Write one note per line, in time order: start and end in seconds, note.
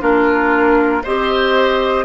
0.00 1.03 A#3
0.00 1.02 D4
0.00 1.03 F4
0.00 1.04 A#4
1.03 2.05 C4
1.03 2.05 G4
1.03 2.05 C5
1.03 2.05 D#5